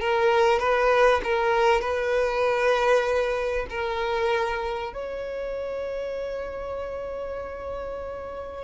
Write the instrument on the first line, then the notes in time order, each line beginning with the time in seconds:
violin
0.00 A#4
0.59 B4
1.24 A#4
1.81 B4
3.70 A#4
4.94 C#5